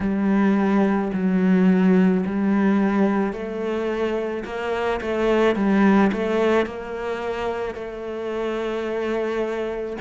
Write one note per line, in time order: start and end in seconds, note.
0.00 1.11 G3
1.13 2.24 F#3
2.26 3.32 G3
3.32 4.43 A3
4.44 5.00 A#3
5.01 5.55 A3
5.55 6.11 G3
6.12 6.66 A3
6.66 7.74 A#3
7.74 9.96 A3